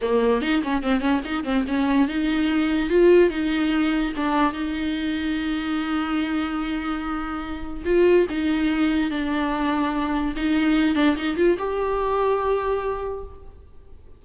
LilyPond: \new Staff \with { instrumentName = "viola" } { \time 4/4 \tempo 4 = 145 ais4 dis'8 cis'8 c'8 cis'8 dis'8 c'8 | cis'4 dis'2 f'4 | dis'2 d'4 dis'4~ | dis'1~ |
dis'2. f'4 | dis'2 d'2~ | d'4 dis'4. d'8 dis'8 f'8 | g'1 | }